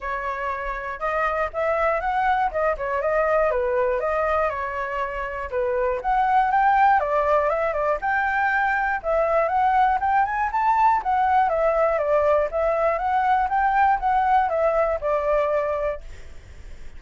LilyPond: \new Staff \with { instrumentName = "flute" } { \time 4/4 \tempo 4 = 120 cis''2 dis''4 e''4 | fis''4 dis''8 cis''8 dis''4 b'4 | dis''4 cis''2 b'4 | fis''4 g''4 d''4 e''8 d''8 |
g''2 e''4 fis''4 | g''8 gis''8 a''4 fis''4 e''4 | d''4 e''4 fis''4 g''4 | fis''4 e''4 d''2 | }